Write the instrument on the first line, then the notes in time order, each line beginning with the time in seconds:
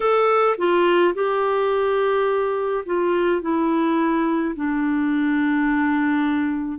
clarinet
0.00 A4
0.57 F4
1.14 G4
2.86 F4
3.41 E4
4.55 D4